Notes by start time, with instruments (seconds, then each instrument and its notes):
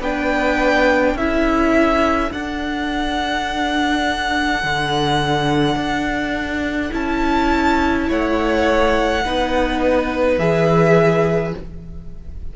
0.00 cello B3, viola D4, violin B4 G5
1.15 cello C#4, viola E4, violin A4 E5
2.32 viola D4, cello D4, violin F#5
4.64 cello D3
5.76 cello D4
6.91 cello C#4, viola E4, violin A5
8.09 cello A3, violin C#5 F#5
9.25 cello B3, viola D#4, violin B4
10.38 cello E3, viola G#4, violin E5